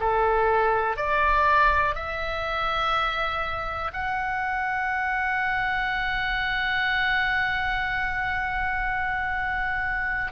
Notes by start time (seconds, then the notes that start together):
0.00 A4
0.97 D5
1.95 E5
3.93 F#5